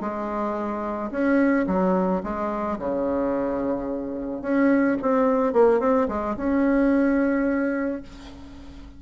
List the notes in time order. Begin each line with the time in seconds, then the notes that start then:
0.00 G#3
1.10 C#4
1.67 F#3
2.23 G#3
2.78 C#3
4.41 C#4
5.01 C4
5.53 A#3
5.79 C4
6.08 G#3
6.36 C#4